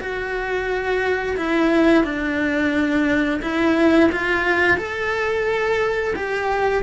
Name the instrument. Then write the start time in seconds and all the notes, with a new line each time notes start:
cello
0.00 F#4
1.37 E4
2.04 D4
3.42 E4
4.12 F4
4.78 A4
6.16 G4